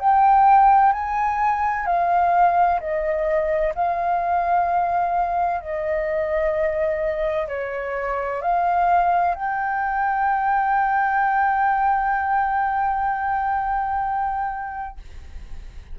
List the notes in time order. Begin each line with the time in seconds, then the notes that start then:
0.00 G5
0.93 G#5
1.86 F5
2.80 D#5
3.75 F5
5.61 D#5
7.48 C#5
8.42 F5
9.35 G5